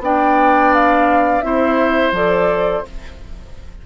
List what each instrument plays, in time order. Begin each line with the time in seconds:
0.00 bassoon B3, clarinet D4, oboe D5, flute G5
0.74 flute F5
1.41 bassoon C4, clarinet E4, oboe C5, flute E5
2.12 bassoon F3, clarinet A4, flute D5